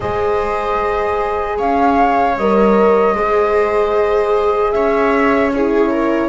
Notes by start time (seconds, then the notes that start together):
0.00 G#3 G#4 C5 D#5
1.57 C#4 C#5 F5
2.36 G3 A#4 D#5
3.14 G#3 G#4 C5
4.71 C#4 C#5 E5
5.53 E4 G#4 C#5
5.90 A#4